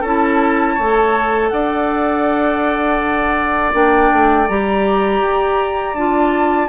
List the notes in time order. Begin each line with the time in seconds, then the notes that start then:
0.00 C#4 E4 A4 A5
0.74 A3 C#5
0.81 A4
1.49 D4 D5 F#5
3.72 A#3 D4 G5
4.12 A3
4.48 G3 G4 A#5
5.20 G4
5.94 D4 F4 A5